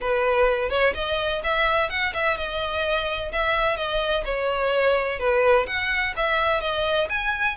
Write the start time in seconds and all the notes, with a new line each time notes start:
0.01 B4
0.69 C#5
0.94 D#5
1.43 E5
1.89 F#5
2.13 E5
2.37 D#5
3.32 E5
3.76 D#5
4.24 C#5
5.19 B4
5.66 F#5
6.16 E5
6.61 D#5
7.09 G#5